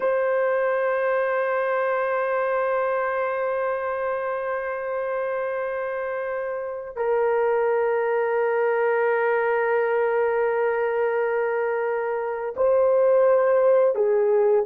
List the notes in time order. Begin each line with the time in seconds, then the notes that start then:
0.00 C5
6.96 A#4
12.56 C5
13.95 G#4